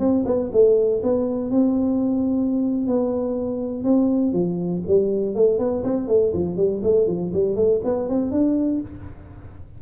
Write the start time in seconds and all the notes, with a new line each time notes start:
0.00 C4
0.26 B3
0.53 A3
1.03 B3
1.51 C4
2.87 B3
3.84 C4
4.33 F3
4.88 G3
5.36 A3
5.59 B3
5.84 C4
6.08 A3
6.34 F3
6.57 G3
6.83 A3
7.08 F3
7.34 G3
7.56 A3
7.85 B3
8.09 C4
8.32 D4